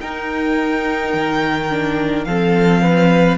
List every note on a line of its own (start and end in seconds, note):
0.00 1.13 D#4
0.00 1.70 D#4
0.00 2.26 A#4
0.00 2.24 G5
1.13 2.25 D#3
1.70 2.26 D4
2.24 3.38 F3
2.24 3.38 C4
2.24 2.81 A4
2.24 3.37 F5
2.81 3.38 B4